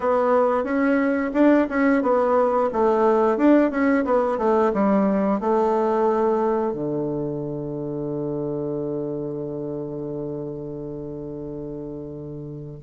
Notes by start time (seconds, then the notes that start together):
0.00 B3
0.63 C#4
1.33 D4
1.69 C#4
2.02 B3
2.72 A3
3.37 D4
3.70 C#4
4.04 B3
4.38 A3
4.73 G3
5.40 A3
6.73 D3